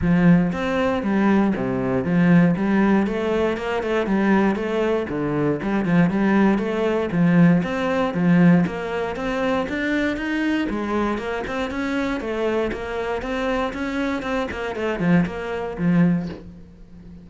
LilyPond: \new Staff \with { instrumentName = "cello" } { \time 4/4 \tempo 4 = 118 f4 c'4 g4 c4 | f4 g4 a4 ais8 a8 | g4 a4 d4 g8 f8 | g4 a4 f4 c'4 |
f4 ais4 c'4 d'4 | dis'4 gis4 ais8 c'8 cis'4 | a4 ais4 c'4 cis'4 | c'8 ais8 a8 f8 ais4 f4 | }